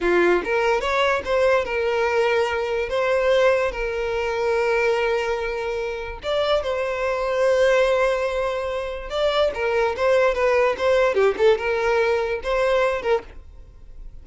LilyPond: \new Staff \with { instrumentName = "violin" } { \time 4/4 \tempo 4 = 145 f'4 ais'4 cis''4 c''4 | ais'2. c''4~ | c''4 ais'2.~ | ais'2. d''4 |
c''1~ | c''2 d''4 ais'4 | c''4 b'4 c''4 g'8 a'8 | ais'2 c''4. ais'8 | }